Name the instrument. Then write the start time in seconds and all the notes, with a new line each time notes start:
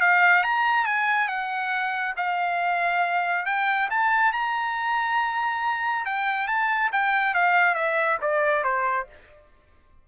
trumpet
0.00 F5
0.43 A#5
0.85 G#5
1.28 F#5
2.17 F5
3.46 G5
3.90 A5
4.33 A#5
6.05 G5
6.47 A5
6.92 G5
7.34 F5
7.74 E5
8.21 D5
8.64 C5